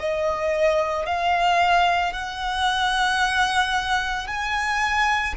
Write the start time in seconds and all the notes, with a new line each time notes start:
0.00 D#5
1.07 F5
2.13 F#5
4.28 G#5